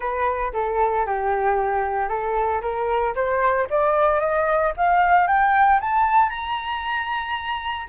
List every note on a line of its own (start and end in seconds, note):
0.00 0.52 B4
0.53 1.06 A4
1.06 2.08 G4
2.08 2.61 A4
2.61 3.14 A#4
3.15 3.67 C5
3.70 4.20 D5
4.20 4.72 D#5
4.76 5.27 F5
5.27 5.79 G5
5.80 6.29 A5
6.29 7.87 A#5